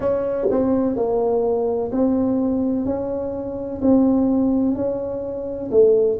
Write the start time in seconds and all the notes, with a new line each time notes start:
0.00 C#4
0.50 C4
0.95 A#3
1.91 C4
2.85 C#4
3.81 C4
4.75 C#4
5.71 A3